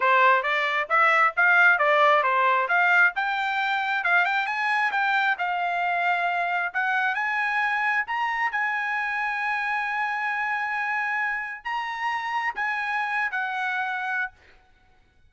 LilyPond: \new Staff \with { instrumentName = "trumpet" } { \time 4/4 \tempo 4 = 134 c''4 d''4 e''4 f''4 | d''4 c''4 f''4 g''4~ | g''4 f''8 g''8 gis''4 g''4 | f''2. fis''4 |
gis''2 ais''4 gis''4~ | gis''1~ | gis''2 ais''2 | gis''4.~ gis''16 fis''2~ fis''16 | }